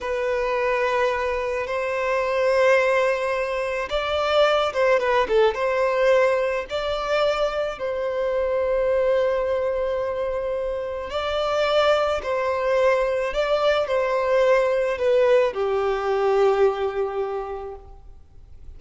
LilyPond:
\new Staff \with { instrumentName = "violin" } { \time 4/4 \tempo 4 = 108 b'2. c''4~ | c''2. d''4~ | d''8 c''8 b'8 a'8 c''2 | d''2 c''2~ |
c''1 | d''2 c''2 | d''4 c''2 b'4 | g'1 | }